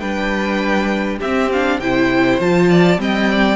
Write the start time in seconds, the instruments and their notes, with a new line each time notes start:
0.00 cello G3, viola D4, violin B4 G5
1.18 viola C4, cello C4, violin G4 E5
1.52 viola D4, violin F5
1.80 cello C3, viola E4, violin C5 G5
2.40 cello F3, viola F4, violin A5
2.70 violin D5
2.98 cello G3, viola C4, violin D#5 G5
3.31 violin D5